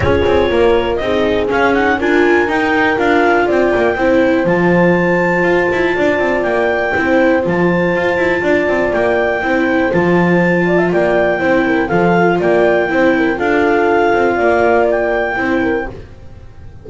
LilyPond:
<<
  \new Staff \with { instrumentName = "clarinet" } { \time 4/4 \tempo 4 = 121 cis''2 dis''4 f''8 fis''8 | gis''4 g''4 f''4 g''4~ | g''4 a''2.~ | a''4 g''2 a''4~ |
a''2 g''2 | a''2 g''2 | f''4 g''2 f''4~ | f''2 g''2 | }
  \new Staff \with { instrumentName = "horn" } { \time 4/4 gis'4 ais'4 gis'2 | ais'2. d''4 | c''1 | d''2 c''2~ |
c''4 d''2 c''4~ | c''4. d''16 e''16 d''4 c''8 ais'8 | a'4 d''4 c''8 ais'8 a'4~ | a'4 d''2 c''8 ais'8 | }
  \new Staff \with { instrumentName = "viola" } { \time 4/4 f'2 dis'4 cis'8 dis'8 | f'4 dis'4 f'2 | e'4 f'2.~ | f'2 e'4 f'4~ |
f'2. e'4 | f'2. e'4 | f'2 e'4 f'4~ | f'2. e'4 | }
  \new Staff \with { instrumentName = "double bass" } { \time 4/4 cis'8 c'8 ais4 c'4 cis'4 | d'4 dis'4 d'4 c'8 ais8 | c'4 f2 f'8 e'8 | d'8 c'8 ais4 c'4 f4 |
f'8 e'8 d'8 c'8 ais4 c'4 | f2 ais4 c'4 | f4 ais4 c'4 d'4~ | d'8 c'8 ais2 c'4 | }
>>